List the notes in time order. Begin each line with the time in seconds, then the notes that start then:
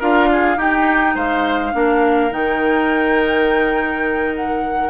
0.00 D4 F4 A#4 F5
0.32 G#4
0.58 D#4 G4 G5
1.15 G#3 C5 F5
1.73 A#3 D4 A#4
2.31 D#3 D#4 G5
4.35 F#5